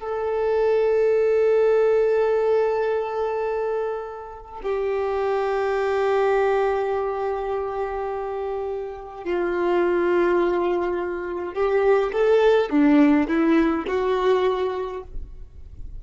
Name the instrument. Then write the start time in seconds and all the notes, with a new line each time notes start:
violin
0.00 A4
4.63 G4
9.25 F4
11.54 G4
12.13 A4
12.70 D4
13.28 E4
13.88 F#4